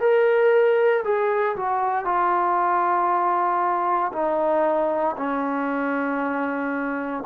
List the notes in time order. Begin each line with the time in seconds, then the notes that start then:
0.00 A#4
1.04 G#4
1.56 F#4
2.05 F4
4.13 D#4
5.17 C#4